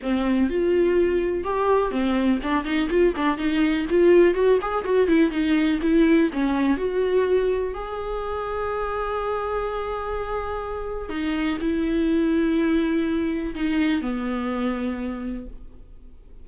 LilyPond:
\new Staff \with { instrumentName = "viola" } { \time 4/4 \tempo 4 = 124 c'4 f'2 g'4 | c'4 d'8 dis'8 f'8 d'8 dis'4 | f'4 fis'8 gis'8 fis'8 e'8 dis'4 | e'4 cis'4 fis'2 |
gis'1~ | gis'2. dis'4 | e'1 | dis'4 b2. | }